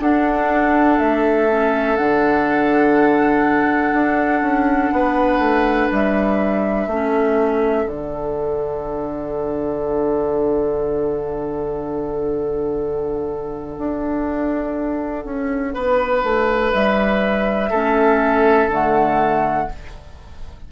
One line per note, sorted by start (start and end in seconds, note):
0.00 0.98 D4
0.00 1.49 D4
0.00 4.93 A4
0.00 0.99 F#5
0.99 1.98 A3
0.99 1.96 E5
1.49 1.97 C#4
1.96 3.93 D3
1.96 6.89 D4
1.96 5.90 F#5
3.93 4.41 D4
4.41 4.91 C#4
4.92 5.39 B3
4.92 6.89 B4
5.39 5.88 A3
5.91 6.87 G3
5.91 7.89 E5
6.87 7.85 A3
6.87 7.88 C#4
6.87 15.74 A4
7.86 13.76 D3
7.86 17.72 D4
7.86 16.72 F#5
13.78 15.25 D4
15.25 15.74 C#4
15.74 16.23 B3
15.74 17.70 B4
16.23 16.72 A3
16.72 17.70 G3
16.72 18.69 E5
17.70 18.67 A3
17.70 18.71 C#4
17.70 19.67 A4
18.67 19.66 D3
18.67 19.69 A3
18.67 19.72 F#5